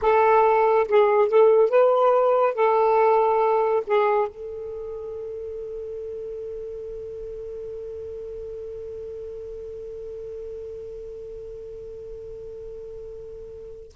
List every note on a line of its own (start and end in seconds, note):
0.01 0.87 A4
0.88 1.28 G#4
1.28 1.69 A4
1.69 2.54 B4
2.54 3.83 A4
3.86 4.27 G#4
4.27 13.92 A4